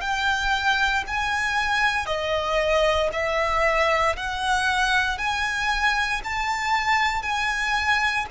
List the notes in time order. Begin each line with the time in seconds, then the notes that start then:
0.00 G5
1.07 G#5
2.05 D#5
3.12 E5
4.16 F#5
5.17 G#5
6.24 A5
7.22 G#5